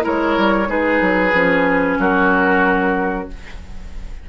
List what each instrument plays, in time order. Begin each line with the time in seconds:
0.00 bassoon G#3, clarinet E4, oboe A#4, flute C#5
0.37 bassoon G3
0.66 bassoon G#3, clarinet D#4, oboe G#4, flute B4
1.00 bassoon F#3
1.33 bassoon F3, clarinet C#4
1.98 bassoon F#3, oboe F#4, flute A#4